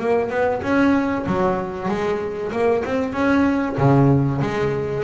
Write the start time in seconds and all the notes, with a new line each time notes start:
0.00 A#3
0.30 B3
0.63 C#4
1.27 F#3
1.89 G#3
2.53 A#3
2.85 C4
3.13 C#4
3.78 C#3
4.42 G#3